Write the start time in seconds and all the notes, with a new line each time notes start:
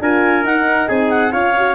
0.00 D4 F4 A#4 G#5
0.44 D#4 F#5
0.88 C4 G#4 G#5
1.10 F#5
1.31 C#4 F4 C#5 F5
1.56 F#4